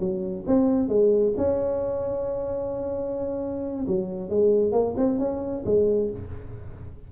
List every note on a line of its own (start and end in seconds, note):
0.00 0.45 F#3
0.47 0.89 C4
0.89 1.34 G#3
1.38 3.86 C#4
3.88 4.30 F#3
4.30 4.72 G#3
4.72 4.95 A#3
4.97 5.19 C4
5.19 5.65 C#4
5.66 6.11 G#3